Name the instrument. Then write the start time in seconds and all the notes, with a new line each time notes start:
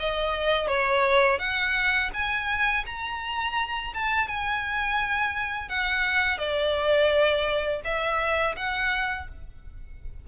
violin
0.00 D#5
0.68 C#5
1.39 F#5
2.14 G#5
2.87 A#5
3.94 A5
4.28 G#5
5.69 F#5
6.39 D5
7.85 E5
8.57 F#5